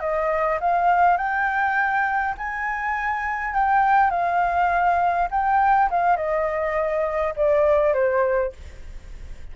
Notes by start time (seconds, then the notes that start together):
0.00 D#5
0.61 F5
1.17 G5
2.38 G#5
3.54 G5
4.11 F5
5.31 G5
5.91 F5
6.17 D#5
7.36 D5
7.94 C5